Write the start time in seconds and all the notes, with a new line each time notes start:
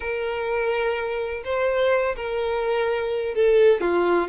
0.00 A#4
1.44 C5
2.16 A#4
3.34 A4
3.81 F4